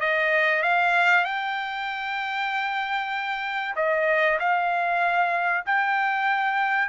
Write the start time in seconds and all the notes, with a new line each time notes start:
0.00 D#5
0.62 F5
1.24 G5
3.76 D#5
4.39 F5
5.66 G5